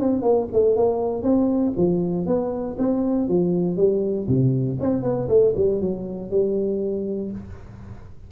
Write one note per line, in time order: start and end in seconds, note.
0.00 0.22 C4
0.22 0.47 A#3
0.53 0.76 A3
0.76 1.23 A#3
1.23 1.73 C4
1.77 2.26 F3
2.26 2.77 B3
2.79 3.28 C4
3.28 3.77 F3
3.77 4.27 G3
4.28 4.79 C3
4.80 5.03 C4
5.03 5.28 B3
5.29 5.54 A3
5.56 5.81 G3
5.81 6.31 F#3
6.31 7.32 G3